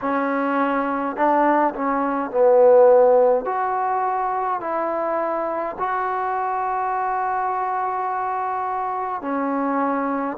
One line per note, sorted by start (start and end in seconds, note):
0.01 1.16 C#4
1.16 1.74 D4
1.74 2.30 C#4
2.30 3.45 B3
3.45 4.60 F#4
4.60 5.75 E4
5.78 9.22 F#4
9.22 10.37 C#4